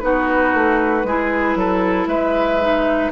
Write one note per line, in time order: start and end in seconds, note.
0.00 0.54 B3
0.00 1.05 D#4
0.00 1.07 F#4
0.00 2.07 B4
0.54 1.04 A3
1.04 1.56 G#3
1.04 2.61 E4
1.04 1.59 G#4
1.56 2.07 F#3
1.56 2.09 A4
2.07 3.11 G#3
2.07 3.12 B4
2.07 3.12 E5
2.61 3.12 D#4